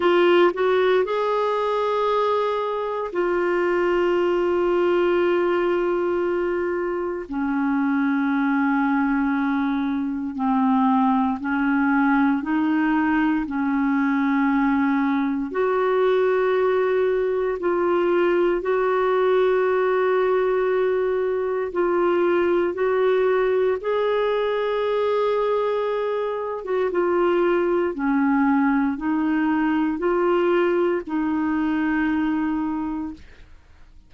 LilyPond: \new Staff \with { instrumentName = "clarinet" } { \time 4/4 \tempo 4 = 58 f'8 fis'8 gis'2 f'4~ | f'2. cis'4~ | cis'2 c'4 cis'4 | dis'4 cis'2 fis'4~ |
fis'4 f'4 fis'2~ | fis'4 f'4 fis'4 gis'4~ | gis'4.~ gis'16 fis'16 f'4 cis'4 | dis'4 f'4 dis'2 | }